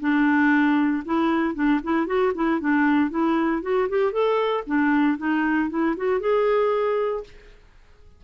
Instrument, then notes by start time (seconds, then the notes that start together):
clarinet
0.00 D4
1.05 E4
1.54 D4
1.83 E4
2.07 F#4
2.35 E4
2.60 D4
3.10 E4
3.62 F#4
3.89 G4
4.12 A4
4.67 D4
5.18 D#4
5.70 E4
5.96 F#4
6.20 G#4